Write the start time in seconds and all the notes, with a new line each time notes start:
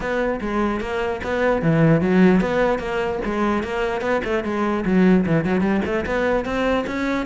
0.00 B3
0.40 G#3
0.80 A#3
1.23 B3
1.62 E3
2.01 F#3
2.41 B3
2.78 A#3
3.24 G#3
3.63 A#3
4.01 B3
4.24 A3
4.44 G#3
4.85 F#3
5.26 E3
5.44 F#3
5.61 G3
5.85 A3
6.06 B3
6.45 C4
6.86 C#4